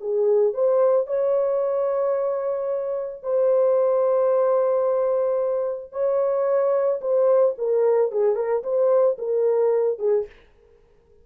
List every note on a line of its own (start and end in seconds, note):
0.00 0.53 G#4
0.53 1.06 C5
1.06 3.23 C#5
3.23 5.92 C5
5.92 7.00 C#5
7.01 7.55 C5
7.57 8.11 A#4
8.11 8.35 G#4
8.35 8.62 A#4
8.63 9.17 C5
9.18 9.99 A#4
9.99 10.26 G#4